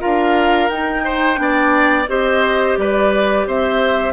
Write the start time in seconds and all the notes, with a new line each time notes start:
0.00 D4 F4 A#4 F5
0.69 D#4 G5
1.05 C5
1.35 B3 D4
1.42 D5
2.08 C4 G4 C5 D#5
2.77 G3 B4 D5
3.47 C4 C5 E5